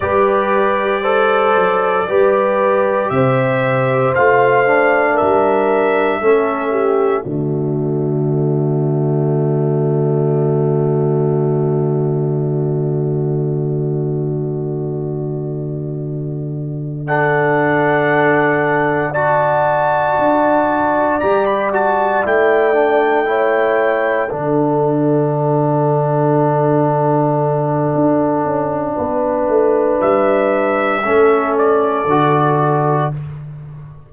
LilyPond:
<<
  \new Staff \with { instrumentName = "trumpet" } { \time 4/4 \tempo 4 = 58 d''2. e''4 | f''4 e''2 d''4~ | d''1~ | d''1~ |
d''8 fis''2 a''4.~ | a''8 ais''16 b''16 a''8 g''2 fis''8~ | fis''1~ | fis''4 e''4. d''4. | }
  \new Staff \with { instrumentName = "horn" } { \time 4/4 b'4 c''4 b'4 c''4~ | c''4 ais'4 a'8 g'8 fis'4~ | fis'1~ | fis'1~ |
fis'8 a'2 d''4.~ | d''2~ d''8 cis''4 a'8~ | a'1 | b'2 a'2 | }
  \new Staff \with { instrumentName = "trombone" } { \time 4/4 g'4 a'4 g'2 | f'8 d'4. cis'4 a4~ | a1~ | a1~ |
a8 d'2 fis'4.~ | fis'8 g'8 fis'8 e'8 d'8 e'4 d'8~ | d'1~ | d'2 cis'4 fis'4 | }
  \new Staff \with { instrumentName = "tuba" } { \time 4/4 g4. fis8 g4 c4 | a4 g4 a4 d4~ | d1~ | d1~ |
d2.~ d8 d'8~ | d'8 g4 a2 d8~ | d2. d'8 cis'8 | b8 a8 g4 a4 d4 | }
>>